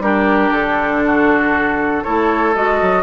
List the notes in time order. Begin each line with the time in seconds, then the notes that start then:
0.00 G3 D4 G4 A#4
0.52 D3 A4
1.06 F#4
2.04 A3 E4 A4 C#5
2.55 G#3 F#4 D#5
2.82 F#3